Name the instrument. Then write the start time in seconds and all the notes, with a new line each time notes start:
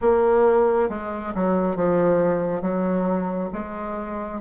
bassoon
0.01 A#3
0.89 G#3
1.34 F#3
1.76 F3
2.61 F#3
3.53 G#3